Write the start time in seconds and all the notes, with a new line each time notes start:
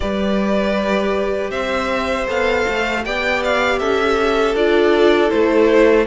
0.00 G3 G4 B4 D5
1.50 C4 C5 E5
2.27 B3 A4 F5
2.68 A3
3.05 B3 G4 D5 G5
3.44 F5
3.78 C#4 A4 E5
4.54 D4 F4 D5
5.28 A3 E4 C5